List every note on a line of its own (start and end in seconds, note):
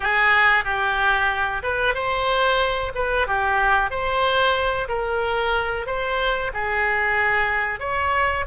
0.00 0.64 G#4
0.64 1.62 G4
1.62 1.94 B4
1.94 2.92 C5
2.94 3.27 B4
3.27 3.90 G4
3.90 4.88 C5
4.88 5.86 A#4
5.86 6.51 C5
6.53 7.79 G#4
7.79 8.44 C#5